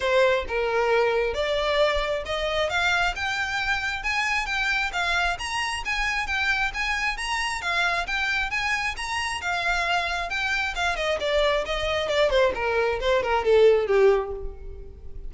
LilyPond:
\new Staff \with { instrumentName = "violin" } { \time 4/4 \tempo 4 = 134 c''4 ais'2 d''4~ | d''4 dis''4 f''4 g''4~ | g''4 gis''4 g''4 f''4 | ais''4 gis''4 g''4 gis''4 |
ais''4 f''4 g''4 gis''4 | ais''4 f''2 g''4 | f''8 dis''8 d''4 dis''4 d''8 c''8 | ais'4 c''8 ais'8 a'4 g'4 | }